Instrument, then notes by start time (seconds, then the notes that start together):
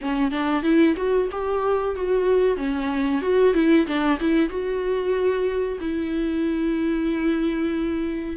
viola
0.01 C#4
0.31 D4
0.62 E4
0.96 F#4
1.31 G4
1.95 F#4
2.57 C#4
3.21 F#4
3.54 E4
3.86 D4
4.20 E4
4.49 F#4
5.80 E4